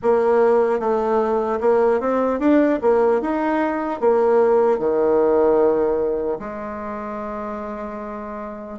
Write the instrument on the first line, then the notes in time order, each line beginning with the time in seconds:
bassoon
0.02 A#3
0.79 A3
1.60 A#3
2.00 C4
2.39 D4
2.81 A#3
3.21 D#4
4.00 A#3
4.79 D#3
6.39 G#3